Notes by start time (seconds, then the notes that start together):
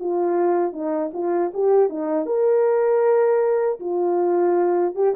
0.00 F4
0.72 D#4
1.13 F4
1.53 G4
1.89 D#4
2.26 A#4
3.80 F4
4.95 G4